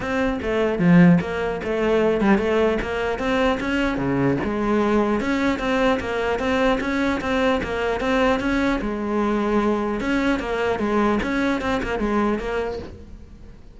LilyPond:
\new Staff \with { instrumentName = "cello" } { \time 4/4 \tempo 4 = 150 c'4 a4 f4 ais4 | a4. g8 a4 ais4 | c'4 cis'4 cis4 gis4~ | gis4 cis'4 c'4 ais4 |
c'4 cis'4 c'4 ais4 | c'4 cis'4 gis2~ | gis4 cis'4 ais4 gis4 | cis'4 c'8 ais8 gis4 ais4 | }